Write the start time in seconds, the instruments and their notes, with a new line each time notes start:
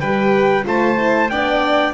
0.00 double bass G3, horn G4, violin B4, trumpet G5
0.64 double bass A3, horn F4, violin C5, trumpet A5
0.96 horn E4
1.29 double bass B3, horn D4, violin D5, trumpet G5